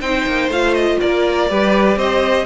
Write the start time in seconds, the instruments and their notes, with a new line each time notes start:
0.00 cello C4, viola D#4, violin C5 G5
0.27 cello A#3
0.49 cello A3, viola F4, violin F5
0.74 violin D#5
1.00 cello A#3, violin A#4 D5
1.49 cello G3, viola G4, violin B4
1.97 cello C4, violin C5 D#5